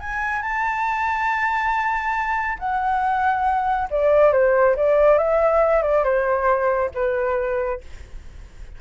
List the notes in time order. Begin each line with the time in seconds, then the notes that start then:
0.00 G#5
0.42 A5
2.59 F#5
3.90 D5
4.32 C5
4.76 D5
5.18 E5
5.82 D5
6.04 C5
6.94 B4